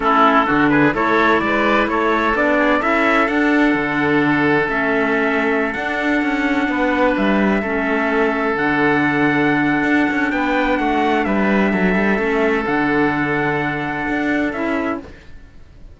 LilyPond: <<
  \new Staff \with { instrumentName = "trumpet" } { \time 4/4 \tempo 4 = 128 a'4. b'8 cis''4 d''4 | cis''4 d''4 e''4 fis''4~ | fis''2 e''2~ | e''16 fis''2. e''8.~ |
e''2~ e''16 fis''4.~ fis''16~ | fis''2 g''4 fis''4 | e''2. fis''4~ | fis''2. e''4 | }
  \new Staff \with { instrumentName = "oboe" } { \time 4/4 e'4 fis'8 gis'8 a'4 b'4 | a'4. gis'8 a'2~ | a'1~ | a'2~ a'16 b'4.~ b'16~ |
b'16 a'2.~ a'8.~ | a'2 b'4 fis'4 | b'4 a'2.~ | a'1 | }
  \new Staff \with { instrumentName = "clarinet" } { \time 4/4 cis'4 d'4 e'2~ | e'4 d'4 e'4 d'4~ | d'2 cis'2~ | cis'16 d'2.~ d'8.~ |
d'16 cis'2 d'4.~ d'16~ | d'1~ | d'2 cis'4 d'4~ | d'2. e'4 | }
  \new Staff \with { instrumentName = "cello" } { \time 4/4 a4 d4 a4 gis4 | a4 b4 cis'4 d'4 | d2 a2~ | a16 d'4 cis'4 b4 g8.~ |
g16 a2 d4.~ d16~ | d4 d'8 cis'8 b4 a4 | g4 fis8 g8 a4 d4~ | d2 d'4 cis'4 | }
>>